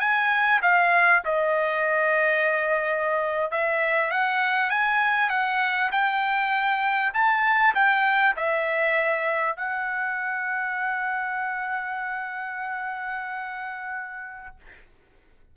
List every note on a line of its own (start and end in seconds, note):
0.00 0.61 G#5
0.62 1.23 F5
1.25 3.51 D#5
3.51 4.11 E5
4.11 4.70 F#5
4.70 5.30 G#5
5.30 5.90 F#5
5.92 7.13 G5
7.14 7.74 A5
7.75 8.36 G5
8.36 9.57 E5
9.57 14.57 F#5